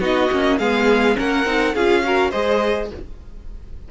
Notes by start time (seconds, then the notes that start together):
0.00 B3 D#4 F#4 D#5
0.31 A#3 C#4
0.59 G#3 B3 G#4 F5
1.15 A#3 C#4 A#4 F#5
1.45 C4 D#4
1.74 C#4 F4 G#4 F5
2.04 F#4 A#4
2.31 G#3 G#4 C5 D#5